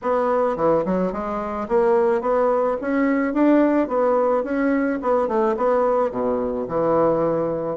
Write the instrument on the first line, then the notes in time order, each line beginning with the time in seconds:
bassoon
0.02 B3
0.56 E3
0.85 F#3
1.12 G#3
1.68 A#3
2.21 B3
2.81 C#4
3.33 D4
3.88 B3
4.43 C#4
5.02 B3
5.28 A3
5.56 B3
6.11 B2
6.68 E3